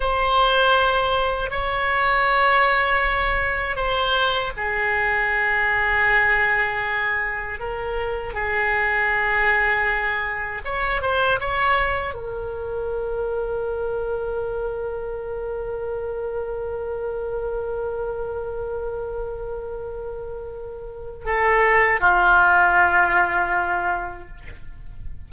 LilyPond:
\new Staff \with { instrumentName = "oboe" } { \time 4/4 \tempo 4 = 79 c''2 cis''2~ | cis''4 c''4 gis'2~ | gis'2 ais'4 gis'4~ | gis'2 cis''8 c''8 cis''4 |
ais'1~ | ais'1~ | ais'1 | a'4 f'2. | }